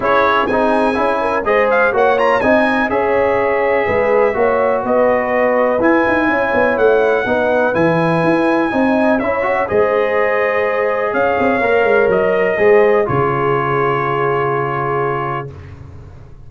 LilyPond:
<<
  \new Staff \with { instrumentName = "trumpet" } { \time 4/4 \tempo 4 = 124 cis''4 gis''2 dis''8 f''8 | fis''8 ais''8 gis''4 e''2~ | e''2 dis''2 | gis''2 fis''2 |
gis''2. e''4 | dis''2. f''4~ | f''4 dis''2 cis''4~ | cis''1 | }
  \new Staff \with { instrumentName = "horn" } { \time 4/4 gis'2~ gis'8 ais'8 c''4 | cis''4 dis''4 cis''2 | b'4 cis''4 b'2~ | b'4 cis''2 b'4~ |
b'2 dis''4 cis''4 | c''2. cis''4~ | cis''2 c''4 gis'4~ | gis'1 | }
  \new Staff \with { instrumentName = "trombone" } { \time 4/4 e'4 dis'4 e'4 gis'4 | fis'8 f'8 dis'4 gis'2~ | gis'4 fis'2. | e'2. dis'4 |
e'2 dis'4 e'8 fis'8 | gis'1 | ais'2 gis'4 f'4~ | f'1 | }
  \new Staff \with { instrumentName = "tuba" } { \time 4/4 cis'4 c'4 cis'4 gis4 | ais4 c'4 cis'2 | gis4 ais4 b2 | e'8 dis'8 cis'8 b8 a4 b4 |
e4 e'4 c'4 cis'4 | gis2. cis'8 c'8 | ais8 gis8 fis4 gis4 cis4~ | cis1 | }
>>